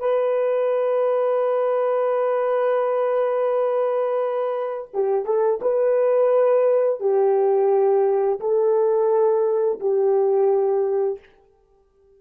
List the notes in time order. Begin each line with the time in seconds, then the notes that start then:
0.00 B4
4.94 G4
5.26 A4
5.62 B4
7.01 G4
8.40 A4
9.80 G4